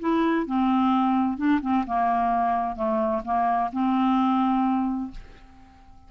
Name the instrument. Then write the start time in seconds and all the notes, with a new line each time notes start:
clarinet
0.00 E4
0.46 C4
1.37 D4
1.62 C4
1.87 A#3
2.76 A3
3.25 A#3
3.72 C4